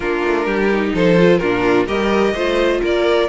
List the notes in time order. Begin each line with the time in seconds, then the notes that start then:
0.00 A#3 D4 F4 A#4
0.24 A3
0.46 G3 G4
0.72 D#4
0.93 F3 A4 C5
1.17 F4
1.37 A#2 D4 F4 A#4
1.86 G3 G4 A#4 D#5
2.34 A3 F4 C5
2.81 A#3 A#4 D5